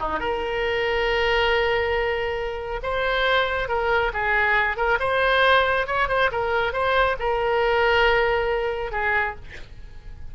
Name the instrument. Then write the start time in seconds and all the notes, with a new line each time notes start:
oboe
0.00 D#4
0.20 A#4
2.83 C5
3.69 A#4
4.13 G#4
4.77 A#4
5.00 C5
5.87 C#5
6.09 C5
6.32 A#4
6.73 C5
7.19 A#4
8.92 G#4